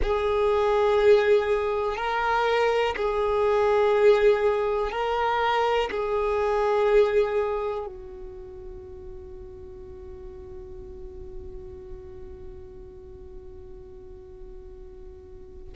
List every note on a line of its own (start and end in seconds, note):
0.02 1.96 G#4
1.96 2.95 A#4
2.96 4.91 G#4
4.91 5.90 A#4
5.91 7.86 G#4
7.86 15.73 F#4